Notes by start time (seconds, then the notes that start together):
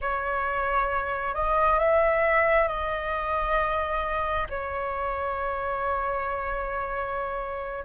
0.01 C#5
1.34 D#5
1.79 E5
2.68 D#5
4.49 C#5